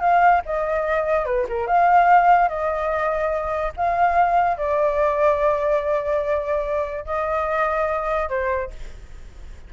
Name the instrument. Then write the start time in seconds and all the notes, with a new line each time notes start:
flute
0.00 F5
0.46 D#5
1.25 B4
1.48 A#4
1.67 F5
2.48 D#5
3.77 F5
4.57 D5
7.05 D#5
8.29 C5